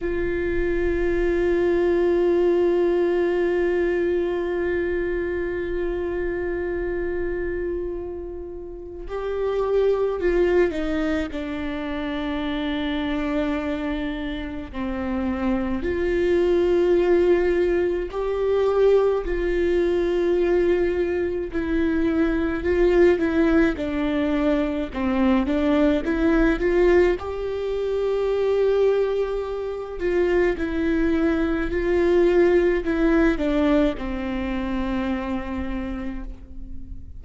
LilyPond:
\new Staff \with { instrumentName = "viola" } { \time 4/4 \tempo 4 = 53 f'1~ | f'1 | g'4 f'8 dis'8 d'2~ | d'4 c'4 f'2 |
g'4 f'2 e'4 | f'8 e'8 d'4 c'8 d'8 e'8 f'8 | g'2~ g'8 f'8 e'4 | f'4 e'8 d'8 c'2 | }